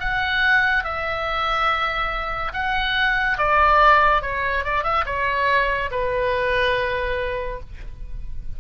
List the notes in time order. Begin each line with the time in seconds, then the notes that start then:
0.00 F#5
0.84 E5
2.53 F#5
3.38 D5
4.22 C#5
4.64 D5
4.84 E5
5.06 C#5
5.91 B4